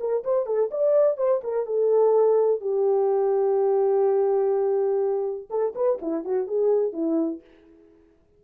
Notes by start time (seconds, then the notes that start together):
0.00 A#4
0.24 C5
0.46 A4
0.71 D5
1.17 C5
1.44 A#4
1.66 A4
2.61 G4
5.50 A4
5.76 B4
6.02 E4
6.25 F#4
6.48 G#4
6.93 E4